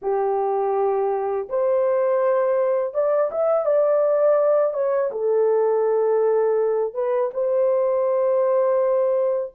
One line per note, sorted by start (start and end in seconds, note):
0.02 1.48 G4
1.49 2.93 C5
2.93 3.30 D5
3.31 3.66 E5
3.66 4.73 D5
4.73 5.10 C#5
5.11 6.93 A4
6.93 7.30 B4
7.33 9.53 C5